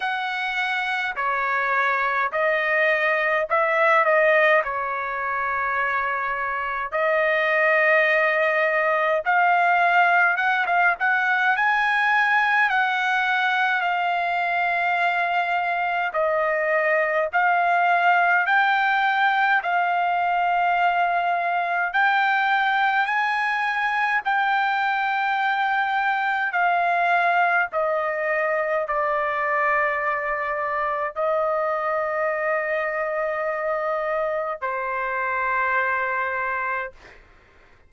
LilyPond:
\new Staff \with { instrumentName = "trumpet" } { \time 4/4 \tempo 4 = 52 fis''4 cis''4 dis''4 e''8 dis''8 | cis''2 dis''2 | f''4 fis''16 f''16 fis''8 gis''4 fis''4 | f''2 dis''4 f''4 |
g''4 f''2 g''4 | gis''4 g''2 f''4 | dis''4 d''2 dis''4~ | dis''2 c''2 | }